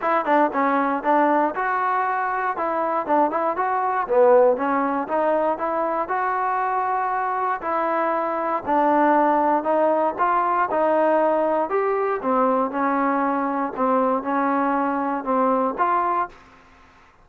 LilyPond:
\new Staff \with { instrumentName = "trombone" } { \time 4/4 \tempo 4 = 118 e'8 d'8 cis'4 d'4 fis'4~ | fis'4 e'4 d'8 e'8 fis'4 | b4 cis'4 dis'4 e'4 | fis'2. e'4~ |
e'4 d'2 dis'4 | f'4 dis'2 g'4 | c'4 cis'2 c'4 | cis'2 c'4 f'4 | }